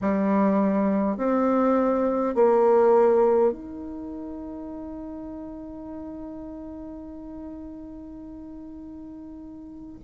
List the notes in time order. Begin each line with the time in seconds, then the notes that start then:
0.01 G3
1.17 C4
2.34 A#3
3.52 D#4